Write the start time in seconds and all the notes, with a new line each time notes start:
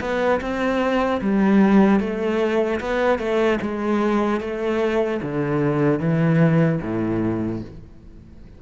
0.00 B3
0.40 C4
1.21 G3
2.00 A3
2.80 B3
3.18 A3
3.61 G#3
4.40 A3
5.21 D3
5.99 E3
6.81 A2